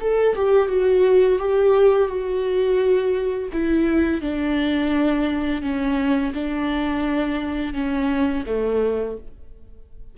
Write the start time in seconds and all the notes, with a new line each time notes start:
0.00 A4
0.35 G4
0.68 F#4
1.39 G4
2.08 F#4
3.52 E4
4.21 D4
5.62 C#4
6.34 D4
7.74 C#4
8.46 A3